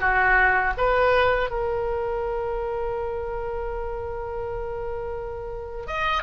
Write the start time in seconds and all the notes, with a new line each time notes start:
0.00 F#4
0.77 B4
1.50 A#4
5.87 D#5